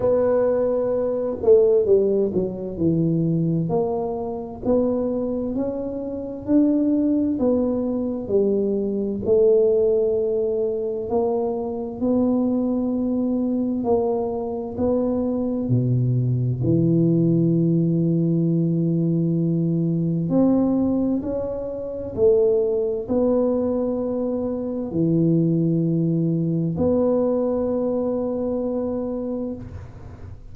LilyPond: \new Staff \with { instrumentName = "tuba" } { \time 4/4 \tempo 4 = 65 b4. a8 g8 fis8 e4 | ais4 b4 cis'4 d'4 | b4 g4 a2 | ais4 b2 ais4 |
b4 b,4 e2~ | e2 c'4 cis'4 | a4 b2 e4~ | e4 b2. | }